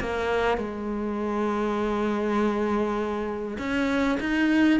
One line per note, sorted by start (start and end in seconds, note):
0.00 0.57 A#3
0.57 3.57 G#3
3.58 4.18 C#4
4.20 4.80 D#4